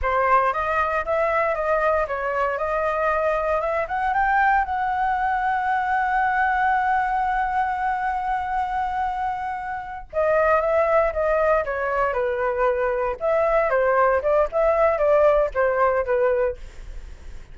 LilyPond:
\new Staff \with { instrumentName = "flute" } { \time 4/4 \tempo 4 = 116 c''4 dis''4 e''4 dis''4 | cis''4 dis''2 e''8 fis''8 | g''4 fis''2.~ | fis''1~ |
fis''2.~ fis''8 dis''8~ | dis''8 e''4 dis''4 cis''4 b'8~ | b'4. e''4 c''4 d''8 | e''4 d''4 c''4 b'4 | }